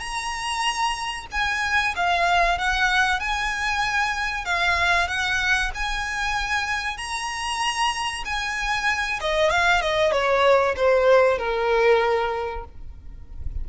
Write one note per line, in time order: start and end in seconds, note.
0.00 1.26 A#5
1.31 1.95 G#5
1.96 2.58 F5
2.58 3.20 F#5
3.20 4.45 G#5
4.45 5.08 F5
5.08 5.71 F#5
5.75 6.98 G#5
6.98 8.24 A#5
8.25 9.20 G#5
9.21 9.51 D#5
9.51 9.82 F5
9.82 10.12 D#5
10.12 10.75 C#5
10.76 11.39 C5
11.39 12.65 A#4